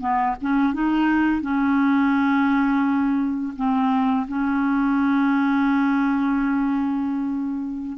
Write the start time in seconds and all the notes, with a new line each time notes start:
0.00 B3
0.41 C#4
0.73 D#4
1.41 C#4
3.56 C4
4.27 C#4